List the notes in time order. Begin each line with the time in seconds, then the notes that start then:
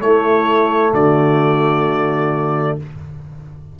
0.00 A3 E4 C#5
0.93 D3 F#4 D5